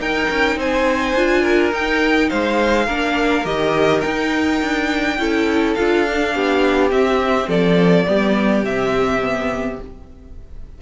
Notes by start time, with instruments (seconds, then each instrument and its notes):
0.00 cello D#4, viola D#4, violin A#4 G5
0.30 cello C#4
0.56 cello C4, violin C5 G#5
1.15 cello D4, viola F4
1.42 violin A#4
1.71 viola D#4, cello D#4, violin G5
2.30 cello G#3, violin C5 F5
2.85 cello A#3, viola D4, violin A#4
3.45 cello D#3, viola G4, violin D#5
4.01 viola D#4, cello D#4, violin G5
4.62 cello D4
5.18 cello C#4, viola E4, violin A4
5.74 cello D4, viola F4, violin F5
6.07 viola D4
6.34 cello B3, violin G4
6.90 viola C4, cello C4, violin E5
7.48 cello F3, violin A4 D5
8.06 cello G3, viola B3, violin G4
8.63 cello C3, viola C4, violin E5
9.22 viola B3